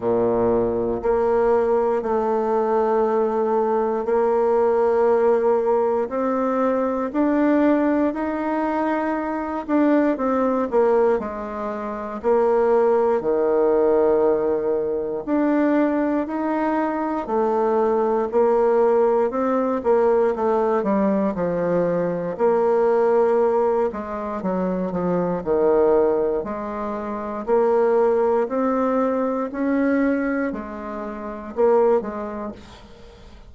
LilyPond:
\new Staff \with { instrumentName = "bassoon" } { \time 4/4 \tempo 4 = 59 ais,4 ais4 a2 | ais2 c'4 d'4 | dis'4. d'8 c'8 ais8 gis4 | ais4 dis2 d'4 |
dis'4 a4 ais4 c'8 ais8 | a8 g8 f4 ais4. gis8 | fis8 f8 dis4 gis4 ais4 | c'4 cis'4 gis4 ais8 gis8 | }